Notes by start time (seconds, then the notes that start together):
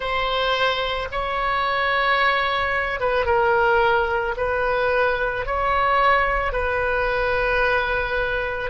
0.00 C5
1.12 C#5
3.00 B4
3.25 A#4
4.36 B4
5.45 C#5
6.52 B4